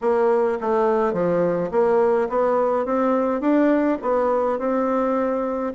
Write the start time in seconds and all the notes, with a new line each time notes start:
0.01 A#3
0.61 A3
1.13 F3
1.71 A#3
2.29 B3
2.85 C4
3.40 D4
4.02 B3
4.58 C4